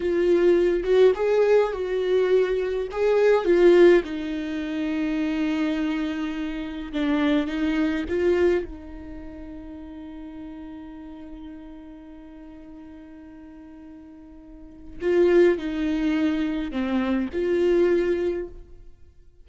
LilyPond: \new Staff \with { instrumentName = "viola" } { \time 4/4 \tempo 4 = 104 f'4. fis'8 gis'4 fis'4~ | fis'4 gis'4 f'4 dis'4~ | dis'1 | d'4 dis'4 f'4 dis'4~ |
dis'1~ | dis'1~ | dis'2 f'4 dis'4~ | dis'4 c'4 f'2 | }